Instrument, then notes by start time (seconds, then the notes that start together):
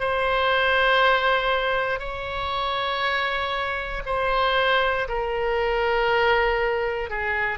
oboe
0.00 C5
1.99 C#5
4.06 C5
5.08 A#4
7.10 G#4